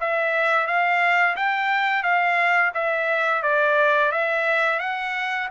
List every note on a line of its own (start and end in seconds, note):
0.00 0.67 E5
0.67 1.36 F5
1.36 2.03 G5
2.03 2.72 F5
2.74 3.43 E5
3.43 4.12 D5
4.12 4.79 E5
4.79 5.48 F#5